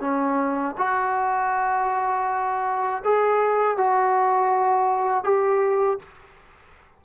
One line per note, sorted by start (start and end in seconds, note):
0.00 0.75 C#4
0.77 3.02 F#4
3.04 3.77 G#4
3.77 5.24 F#4
5.24 5.99 G4